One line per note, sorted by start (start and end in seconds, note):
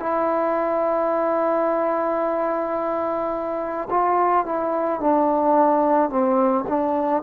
0.00 3.89 E4
3.90 4.46 F4
4.46 5.01 E4
5.01 6.10 D4
6.10 6.65 C4
6.68 7.23 D4